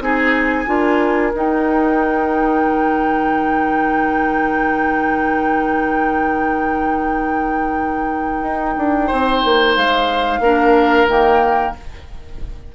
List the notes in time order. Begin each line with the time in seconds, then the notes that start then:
0.00 C4 D#4 G#4 G#5
0.66 D4 F4 A#4
1.34 D#4 G5
2.65 D#3
8.41 D#4
8.78 D4
9.07 C4 C5
9.44 A#3
9.76 G#3 F5
10.40 A#3 D4 A#4
11.07 D#3 A#3 G5